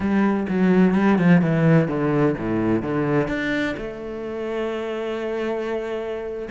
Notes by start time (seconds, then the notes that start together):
0.00 G3
0.48 F#3
0.94 G3
1.18 F3
1.41 E3
1.88 D3
2.37 A2
2.82 D3
3.27 D4
3.77 A3